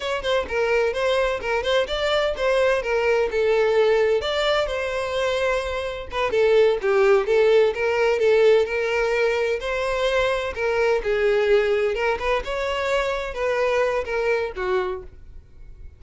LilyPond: \new Staff \with { instrumentName = "violin" } { \time 4/4 \tempo 4 = 128 cis''8 c''8 ais'4 c''4 ais'8 c''8 | d''4 c''4 ais'4 a'4~ | a'4 d''4 c''2~ | c''4 b'8 a'4 g'4 a'8~ |
a'8 ais'4 a'4 ais'4.~ | ais'8 c''2 ais'4 gis'8~ | gis'4. ais'8 b'8 cis''4.~ | cis''8 b'4. ais'4 fis'4 | }